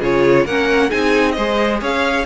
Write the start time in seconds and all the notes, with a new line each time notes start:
0.00 C#3 F4 G#4 C#5
0.46 A#3 C#4 A#4 F#5
0.90 C4 D#4 G#4 G#5
1.32 G#4 C5 D#5
1.38 G#3
1.82 C#4 C#5 F5